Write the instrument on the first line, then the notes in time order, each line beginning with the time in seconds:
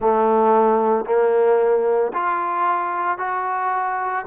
trombone
0.00 A3
1.05 A#3
2.13 F4
3.18 F#4